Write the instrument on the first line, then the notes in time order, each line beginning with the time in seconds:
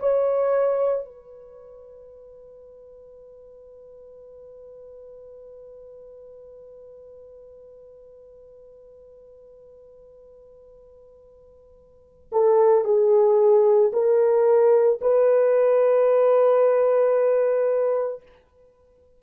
horn
0.00 C#5
1.06 B4
12.33 A4
12.85 G#4
13.93 A#4
15.01 B4